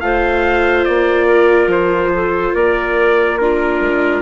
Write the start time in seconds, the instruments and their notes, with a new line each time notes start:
0.00 bassoon A3, viola F4, clarinet C5, trumpet F5
0.85 bassoon A#3, trumpet D5
1.26 clarinet A#4
1.67 bassoon F3, trumpet C5
2.14 clarinet A4
2.53 bassoon A#3, clarinet A#4, trumpet D5
3.38 viola D4, clarinet F4, trumpet A#4
3.81 bassoon G#3